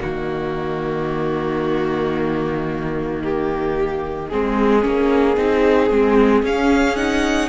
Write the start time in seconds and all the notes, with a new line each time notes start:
0.00 D#3 A#3 F#4 D#5
3.23 G4
4.29 G#3 C4 G#4
4.81 A#3 C#4
5.36 C4 D#4
5.90 G#3 C4
6.42 C#4 F5
6.96 D#4 F#5